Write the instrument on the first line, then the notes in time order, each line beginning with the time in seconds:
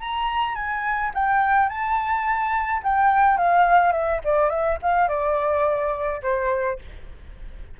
flute
0.00 A#5
0.55 G#5
1.14 G5
1.69 A5
2.83 G5
3.37 F5
3.92 E5
4.24 D5
4.49 E5
4.82 F5
5.08 D5
6.22 C5